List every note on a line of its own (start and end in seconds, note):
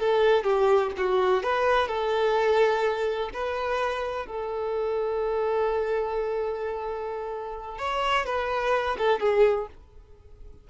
0.00 0.44 A4
0.44 0.91 G4
0.98 1.43 F#4
1.43 1.88 B4
1.88 3.30 A4
3.34 4.26 B4
4.26 7.79 A4
7.79 8.26 C#5
8.26 8.97 B4
8.99 9.20 A4
9.20 9.68 G#4